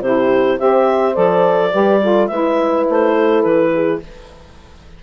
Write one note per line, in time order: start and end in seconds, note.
0.00 0.57 C3
0.00 0.58 E4
0.00 0.59 G4
0.00 0.59 C5
0.58 1.17 C4
0.58 1.13 G4
0.58 1.73 C5
0.58 1.15 E5
1.13 1.74 F3
1.13 1.70 A4
1.13 2.27 D5
1.72 2.30 G3
1.72 2.00 G4
1.72 2.01 B4
2.01 2.30 F4
2.01 2.30 A4
2.27 2.87 G#3
2.27 4.02 E4
2.27 3.15 B4
2.27 2.84 E5
2.90 3.45 A3
2.90 3.42 C5
3.15 3.72 A4
3.42 4.02 E3
3.42 4.00 B4
3.74 4.02 G#4